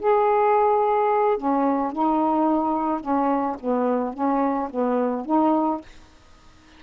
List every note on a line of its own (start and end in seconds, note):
0.00 1.38 G#4
1.38 1.92 C#4
1.92 3.01 D#4
3.01 3.56 C#4
3.61 4.14 B3
4.14 4.69 C#4
4.70 5.26 B3
5.26 5.81 D#4